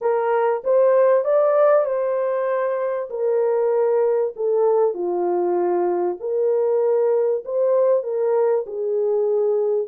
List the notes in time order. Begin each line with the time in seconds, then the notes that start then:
0.01 A#4
0.64 C5
1.24 D5
1.85 C5
3.10 A#4
4.36 A4
4.93 F4
6.20 A#4
7.44 C5
8.03 A#4
8.66 G#4